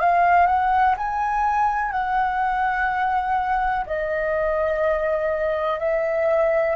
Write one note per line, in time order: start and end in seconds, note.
0.00 0.47 F5
0.47 0.95 F#5
0.98 1.92 G#5
1.92 3.85 F#5
3.87 5.80 D#5
5.80 6.76 E5